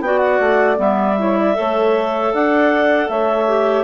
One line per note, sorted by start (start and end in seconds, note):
0.00 0.38 B3
0.00 0.76 F#4
0.00 1.18 D5
0.00 0.18 G5
0.18 0.75 F#5
0.39 0.78 A3
0.76 1.55 G3
0.76 1.14 B3
0.76 2.33 E5
1.18 1.54 E4
1.18 1.37 C#5
1.37 1.56 D5
1.54 2.33 A3
1.54 3.46 A4
1.54 2.32 C#5
2.32 3.08 D4
2.32 3.08 D5
2.32 3.08 F#5
3.08 3.84 A3
3.08 3.84 C#5
3.08 3.84 E5
3.47 3.84 G4